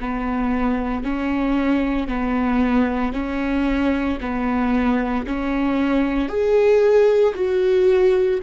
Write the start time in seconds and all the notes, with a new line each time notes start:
0.00 B3
1.03 C#4
2.08 B3
3.13 C#4
4.21 B3
5.26 C#4
6.28 G#4
7.34 F#4